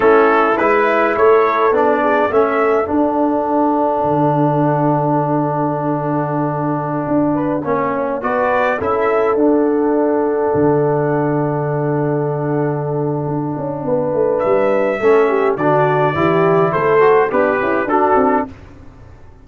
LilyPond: <<
  \new Staff \with { instrumentName = "trumpet" } { \time 4/4 \tempo 4 = 104 a'4 b'4 cis''4 d''4 | e''4 fis''2.~ | fis''1~ | fis''2~ fis''16 d''4 e''8.~ |
e''16 fis''2.~ fis''8.~ | fis''1~ | fis''4 e''2 d''4~ | d''4 c''4 b'4 a'4 | }
  \new Staff \with { instrumentName = "horn" } { \time 4/4 e'2 a'4. gis'8 | a'1~ | a'1~ | a'8. b'8 cis''4 b'4 a'8.~ |
a'1~ | a'1 | b'2 a'8 g'8 fis'4 | g'4 a'4 d'8 e'8 fis'4 | }
  \new Staff \with { instrumentName = "trombone" } { \time 4/4 cis'4 e'2 d'4 | cis'4 d'2.~ | d'1~ | d'4~ d'16 cis'4 fis'4 e'8.~ |
e'16 d'2.~ d'8.~ | d'1~ | d'2 cis'4 d'4 | e'4. fis'8 g'4 d'4 | }
  \new Staff \with { instrumentName = "tuba" } { \time 4/4 a4 gis4 a4 b4 | a4 d'2 d4~ | d1~ | d16 d'4 ais4 b4 cis'8.~ |
cis'16 d'2 d4.~ d16~ | d2. d'8 cis'8 | b8 a8 g4 a4 d4 | e4 a4 b8 cis'8 d'8 c'8 | }
>>